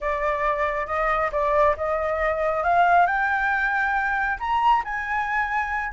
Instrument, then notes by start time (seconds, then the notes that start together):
flute
0.00 D5
0.86 D#5
1.32 D5
1.77 D#5
2.63 F5
3.06 G5
4.39 A#5
4.84 G#5